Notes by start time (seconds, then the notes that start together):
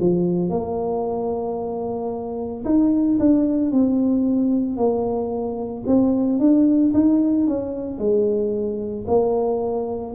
0.00 F3
0.50 A#3
2.64 D#4
3.19 D4
3.72 C4
4.77 A#3
5.86 C4
6.39 D4
6.94 D#4
7.47 C#4
7.99 G#3
9.07 A#3